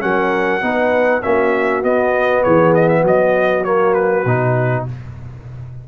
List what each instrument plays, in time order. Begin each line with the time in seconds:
0.00 tuba F#3, trombone C#4, horn A#4, trumpet F#5
0.61 tuba B3, trombone D#4, horn B4
1.22 tuba A#3, trombone C#4, horn F#4, trumpet E5
1.83 trombone B3, tuba B3, trumpet D#5
2.43 tuba E3, horn G#4, trumpet C#5
2.75 trumpet D#5
2.89 trumpet E5
3.01 tuba F#3, horn F#4
3.07 trumpet D#5
3.64 trombone A#3, trumpet C#5
3.94 trumpet B4
4.25 tuba B2, trombone D#4